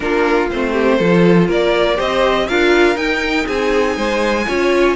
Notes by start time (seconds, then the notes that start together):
0.00 A#3 D4 F4 A#4
0.50 A3 C4 C5
0.72 G4
0.97 F3 F4 A4
1.47 A#3 A#4 D5
1.96 C4 G4 C5 D#5
2.48 D4 F4 A#4 F5
2.94 D#4 G5
3.46 C4 G#4 G#5
3.96 G#3 C5
4.47 C#4 F4 C#5